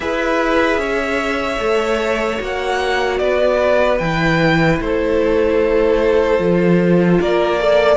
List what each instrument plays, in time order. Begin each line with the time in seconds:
0.00 cello E4, viola G#4, violin B4 E5
0.78 cello C#4, violin C#5
1.59 cello A3, viola A4
2.38 cello A#3, viola F#4, violin F#5
3.18 cello B3, violin B4 D5
3.98 cello E3, viola E4, violin G5
4.80 cello A3, violin A4 C5
6.39 cello F3, viola F4
7.20 cello A#3, violin A#4 D5
7.59 viola A4, violin D5